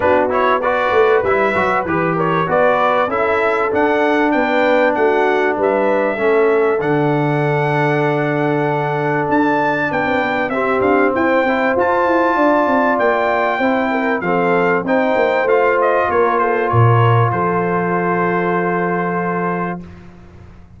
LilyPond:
<<
  \new Staff \with { instrumentName = "trumpet" } { \time 4/4 \tempo 4 = 97 b'8 cis''8 d''4 e''4 b'8 cis''8 | d''4 e''4 fis''4 g''4 | fis''4 e''2 fis''4~ | fis''2. a''4 |
g''4 e''8 f''8 g''4 a''4~ | a''4 g''2 f''4 | g''4 f''8 dis''8 cis''8 c''8 cis''4 | c''1 | }
  \new Staff \with { instrumentName = "horn" } { \time 4/4 fis'4 b'2~ b'8 ais'8 | b'4 a'2 b'4 | fis'4 b'4 a'2~ | a'1 |
b'4 g'4 c''2 | d''2 c''8 ais'8 a'4 | c''2 ais'8 a'8 ais'4 | a'1 | }
  \new Staff \with { instrumentName = "trombone" } { \time 4/4 d'8 e'8 fis'4 e'8 fis'8 g'4 | fis'4 e'4 d'2~ | d'2 cis'4 d'4~ | d'1~ |
d'4 c'4. e'8 f'4~ | f'2 e'4 c'4 | dis'4 f'2.~ | f'1 | }
  \new Staff \with { instrumentName = "tuba" } { \time 4/4 b4. a8 g8 fis8 e4 | b4 cis'4 d'4 b4 | a4 g4 a4 d4~ | d2. d'4 |
b16 c'16 b8 c'8 d'8 e'8 c'8 f'8 e'8 | d'8 c'8 ais4 c'4 f4 | c'8 ais8 a4 ais4 ais,4 | f1 | }
>>